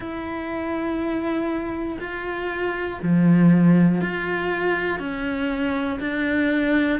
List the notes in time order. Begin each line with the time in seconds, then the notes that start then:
0.00 E4
2.00 F4
3.02 F3
4.00 F4
4.99 C#4
6.00 D4